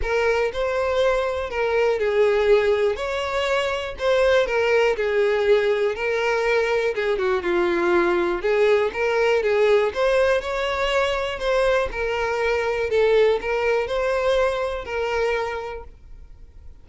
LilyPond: \new Staff \with { instrumentName = "violin" } { \time 4/4 \tempo 4 = 121 ais'4 c''2 ais'4 | gis'2 cis''2 | c''4 ais'4 gis'2 | ais'2 gis'8 fis'8 f'4~ |
f'4 gis'4 ais'4 gis'4 | c''4 cis''2 c''4 | ais'2 a'4 ais'4 | c''2 ais'2 | }